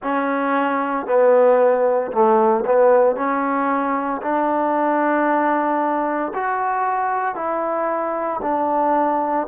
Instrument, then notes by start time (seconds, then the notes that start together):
trombone
0.02 C#4
1.06 B3
2.11 A3
2.66 B3
3.16 C#4
4.22 D4
6.34 F#4
7.34 E4
8.42 D4